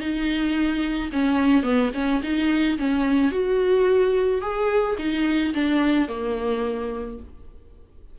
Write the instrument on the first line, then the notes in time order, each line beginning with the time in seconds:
viola
0.00 D#4
1.12 C#4
1.63 B3
1.94 C#4
2.23 D#4
2.78 C#4
3.32 F#4
4.41 G#4
4.98 D#4
5.54 D4
6.08 A#3